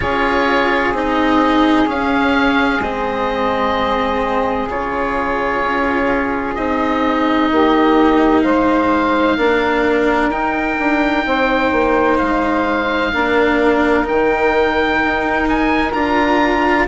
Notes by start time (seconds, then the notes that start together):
0.00 C#4 F4 G#4 C#5
0.92 C4 D#4 D#5
1.86 C#4 F5
2.79 G#3 C4 D#5
4.69 C#3 F4 C#5
5.62 C#4
6.54 C4 D#4 D#5
7.51 A#3 G4
8.41 G#3 C5 F5
9.36 A#3 D4 A#4
10.29 D#4 G5
10.79 D4
11.25 C4 C5
11.71 A#3
12.18 G#3 F5
13.12 A#3 D4 A#4
14.04 D#3 D#4 G5
15.02 D#4
15.48 G#5
15.92 D4 F4 A#5